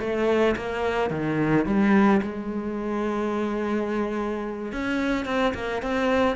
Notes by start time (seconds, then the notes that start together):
0.00 A3
0.56 A#3
1.10 D#3
1.66 G3
2.22 G#3
4.72 C#4
5.26 C4
5.54 A#3
5.82 C4